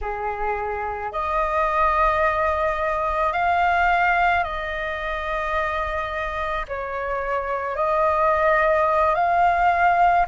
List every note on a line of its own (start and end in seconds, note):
0.01 1.12 G#4
1.12 3.32 D#5
3.32 4.43 F5
4.43 6.65 D#5
6.68 7.75 C#5
7.75 9.14 D#5
9.14 10.25 F5